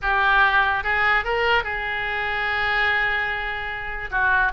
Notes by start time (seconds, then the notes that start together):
0.02 G4
0.83 G#4
1.24 A#4
1.63 G#4
4.10 F#4